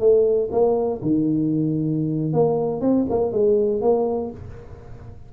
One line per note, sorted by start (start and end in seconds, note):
0.00 0.49 A3
0.51 1.00 A#3
1.02 2.33 D#3
2.33 2.81 A#3
2.81 3.06 C4
3.10 3.32 A#3
3.32 3.82 G#3
3.82 4.31 A#3